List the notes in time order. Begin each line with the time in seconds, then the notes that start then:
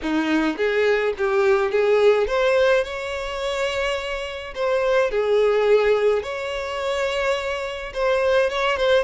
0.02 D#4
0.57 G#4
1.17 G4
1.71 G#4
2.27 C5
2.84 C#5
4.54 C5
5.10 G#4
6.23 C#5
7.93 C5
8.50 C#5
8.76 C5